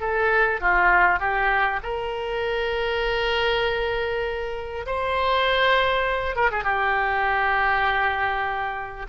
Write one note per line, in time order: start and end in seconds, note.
0.00 0.61 A4
0.61 1.19 F4
1.19 1.80 G4
1.83 4.86 A#4
4.86 6.35 C5
6.35 6.50 A#4
6.51 6.64 G#4
6.64 9.06 G4